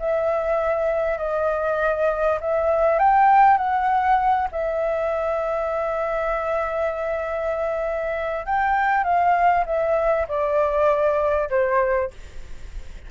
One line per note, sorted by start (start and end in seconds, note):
0.00 1.18 E5
1.18 2.39 D#5
2.41 2.99 E5
2.99 3.58 G5
3.58 4.48 F#5
4.52 8.46 E5
8.46 9.04 G5
9.04 9.65 F5
9.66 10.27 E5
10.29 11.50 D5
11.50 12.11 C5